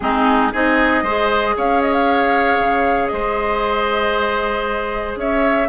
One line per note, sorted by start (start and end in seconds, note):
0.00 0.52 G#3
0.00 0.52 C4
0.00 0.52 D#4
0.00 0.51 G#4
0.52 1.02 C4
0.52 1.05 D#4
0.52 1.03 G#4
0.52 1.57 D#5
1.02 1.54 G#3
1.02 5.68 G#4
1.02 1.55 C5
1.57 2.59 C#4
1.57 3.12 C#5
1.57 1.81 F5
1.81 1.93 D#5
1.93 3.07 F5
2.59 3.11 C#3
3.07 5.16 G#3
3.07 5.19 C5
3.07 5.14 D#5
5.16 5.67 C#4
5.16 5.68 C#5
5.16 5.68 E5